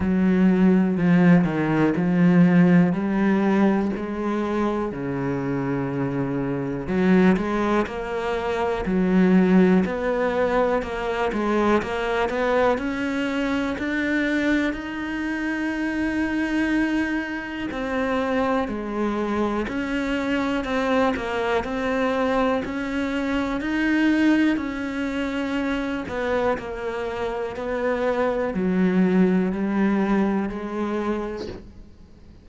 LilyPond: \new Staff \with { instrumentName = "cello" } { \time 4/4 \tempo 4 = 61 fis4 f8 dis8 f4 g4 | gis4 cis2 fis8 gis8 | ais4 fis4 b4 ais8 gis8 | ais8 b8 cis'4 d'4 dis'4~ |
dis'2 c'4 gis4 | cis'4 c'8 ais8 c'4 cis'4 | dis'4 cis'4. b8 ais4 | b4 fis4 g4 gis4 | }